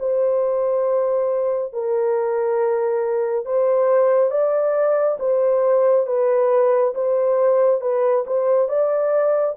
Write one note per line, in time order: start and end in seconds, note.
0.00 1.74 C5
1.74 3.46 A#4
3.46 4.31 C5
4.31 5.18 D5
5.20 6.07 C5
6.07 6.94 B4
6.95 7.81 C5
7.81 8.25 B4
8.27 8.69 C5
8.69 9.56 D5